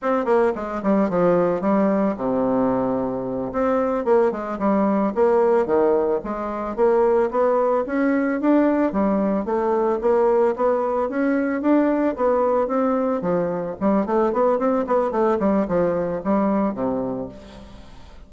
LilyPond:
\new Staff \with { instrumentName = "bassoon" } { \time 4/4 \tempo 4 = 111 c'8 ais8 gis8 g8 f4 g4 | c2~ c8 c'4 ais8 | gis8 g4 ais4 dis4 gis8~ | gis8 ais4 b4 cis'4 d'8~ |
d'8 g4 a4 ais4 b8~ | b8 cis'4 d'4 b4 c'8~ | c'8 f4 g8 a8 b8 c'8 b8 | a8 g8 f4 g4 c4 | }